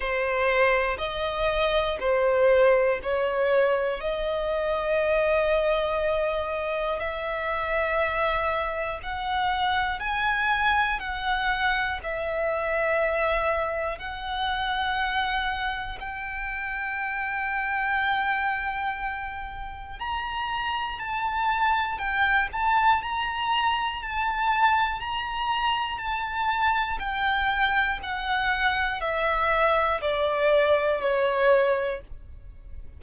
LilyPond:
\new Staff \with { instrumentName = "violin" } { \time 4/4 \tempo 4 = 60 c''4 dis''4 c''4 cis''4 | dis''2. e''4~ | e''4 fis''4 gis''4 fis''4 | e''2 fis''2 |
g''1 | ais''4 a''4 g''8 a''8 ais''4 | a''4 ais''4 a''4 g''4 | fis''4 e''4 d''4 cis''4 | }